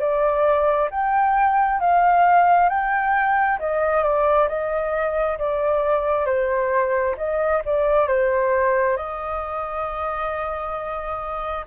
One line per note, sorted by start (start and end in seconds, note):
0.00 0.90 D5
0.91 1.80 G5
1.80 2.70 F5
2.70 3.59 G5
3.60 4.04 D#5
4.04 4.49 D5
4.49 5.39 D#5
5.39 6.26 D5
6.26 7.16 C5
7.18 7.62 D#5
7.66 8.08 D5
8.08 8.97 C5
8.97 11.66 D#5